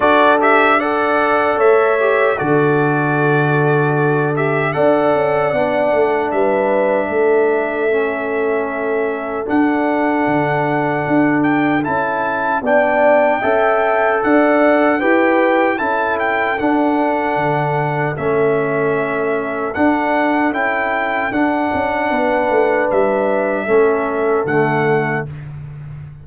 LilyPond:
<<
  \new Staff \with { instrumentName = "trumpet" } { \time 4/4 \tempo 4 = 76 d''8 e''8 fis''4 e''4 d''4~ | d''4. e''8 fis''2 | e''1 | fis''2~ fis''8 g''8 a''4 |
g''2 fis''4 g''4 | a''8 g''8 fis''2 e''4~ | e''4 fis''4 g''4 fis''4~ | fis''4 e''2 fis''4 | }
  \new Staff \with { instrumentName = "horn" } { \time 4/4 a'4 d''4 cis''4 a'4~ | a'2 d''2 | b'4 a'2.~ | a'1 |
d''4 e''4 d''4 b'4 | a'1~ | a'1 | b'2 a'2 | }
  \new Staff \with { instrumentName = "trombone" } { \time 4/4 fis'8 g'8 a'4. g'8 fis'4~ | fis'4. g'8 a'4 d'4~ | d'2 cis'2 | d'2. e'4 |
d'4 a'2 g'4 | e'4 d'2 cis'4~ | cis'4 d'4 e'4 d'4~ | d'2 cis'4 a4 | }
  \new Staff \with { instrumentName = "tuba" } { \time 4/4 d'2 a4 d4~ | d2 d'8 cis'8 b8 a8 | g4 a2. | d'4 d4 d'4 cis'4 |
b4 cis'4 d'4 e'4 | cis'4 d'4 d4 a4~ | a4 d'4 cis'4 d'8 cis'8 | b8 a8 g4 a4 d4 | }
>>